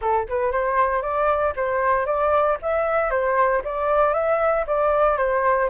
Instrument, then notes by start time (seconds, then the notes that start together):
flute
0.01 A4
0.28 B4
0.51 C5
1.02 D5
1.55 C5
2.05 D5
2.61 E5
3.10 C5
3.64 D5
4.13 E5
4.66 D5
5.17 C5